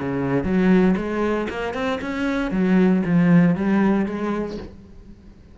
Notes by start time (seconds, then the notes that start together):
0.00 C#3
0.44 F#3
0.97 G#3
1.50 A#3
1.74 C4
2.02 C#4
2.52 F#3
3.06 F3
3.55 G3
4.06 G#3